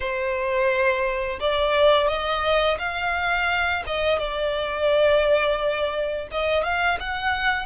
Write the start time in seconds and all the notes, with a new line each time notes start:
0.00 C5
1.40 D5
2.07 D#5
2.78 F5
3.86 D#5
4.19 D5
6.31 D#5
6.63 F5
7.00 F#5